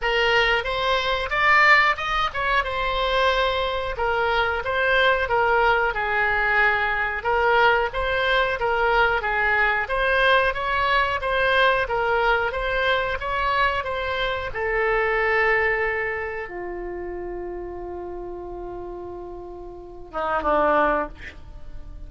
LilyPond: \new Staff \with { instrumentName = "oboe" } { \time 4/4 \tempo 4 = 91 ais'4 c''4 d''4 dis''8 cis''8 | c''2 ais'4 c''4 | ais'4 gis'2 ais'4 | c''4 ais'4 gis'4 c''4 |
cis''4 c''4 ais'4 c''4 | cis''4 c''4 a'2~ | a'4 f'2.~ | f'2~ f'8 dis'8 d'4 | }